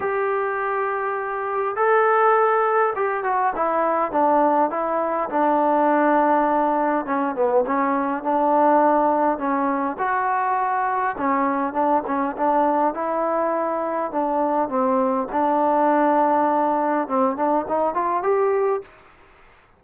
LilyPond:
\new Staff \with { instrumentName = "trombone" } { \time 4/4 \tempo 4 = 102 g'2. a'4~ | a'4 g'8 fis'8 e'4 d'4 | e'4 d'2. | cis'8 b8 cis'4 d'2 |
cis'4 fis'2 cis'4 | d'8 cis'8 d'4 e'2 | d'4 c'4 d'2~ | d'4 c'8 d'8 dis'8 f'8 g'4 | }